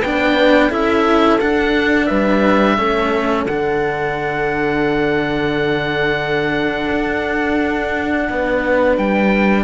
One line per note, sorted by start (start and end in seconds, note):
0.00 0.71 B3
0.00 0.70 D4
0.00 0.68 B4
0.00 0.71 G5
0.68 1.40 C#4
0.68 1.39 E4
0.68 2.06 A4
0.68 1.39 E5
1.39 2.78 D4
1.39 2.10 D4
1.39 2.06 F#5
2.06 2.78 G3
2.06 2.75 B4
2.06 3.44 E5
2.77 3.45 A3
2.77 3.47 C#4
2.77 8.29 A4
3.45 6.90 D3
3.45 9.63 D4
3.45 8.97 F#5
6.90 8.28 D4
8.29 8.97 B3
8.29 9.63 B4
8.97 9.63 G3
8.97 9.63 G5